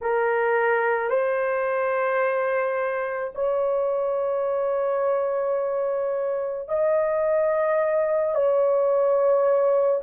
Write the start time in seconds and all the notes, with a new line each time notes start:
0.01 A#4
1.10 C5
3.34 C#5
6.68 D#5
8.34 C#5